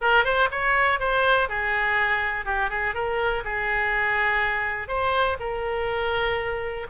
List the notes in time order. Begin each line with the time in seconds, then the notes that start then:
0.01 A#4
0.24 C5
0.51 C#5
0.99 C5
1.48 G#4
2.45 G4
2.69 G#4
2.94 A#4
3.44 G#4
4.88 C5
5.39 A#4